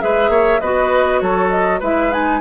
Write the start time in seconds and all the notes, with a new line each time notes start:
0.00 G#3 G#4 B4 E5
0.29 A#3 C#5
0.60 B3 F#4 B4 D#5
1.20 F#3 A4 C#5
1.50 D#5
1.80 G#3 E4 B4 E5
2.12 D#4 G#5